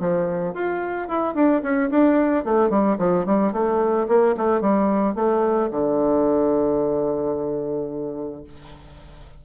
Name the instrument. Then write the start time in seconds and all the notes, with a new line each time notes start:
bassoon
0.00 F3
0.54 F4
1.08 E4
1.35 D4
1.63 C#4
1.90 D4
2.45 A3
2.70 G3
2.99 F3
3.26 G3
3.53 A3
4.08 A#3
4.37 A3
4.61 G3
5.15 A3
5.71 D3